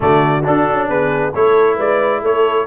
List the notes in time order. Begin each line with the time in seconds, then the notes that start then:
0.00 D3 A3 F#4 D5
0.43 D4 A4
0.68 C#4
0.88 B3 G#4 B4
1.34 A3 E4 A4 C#5
1.75 G#3 B4 D5
2.21 A3 A4 C#5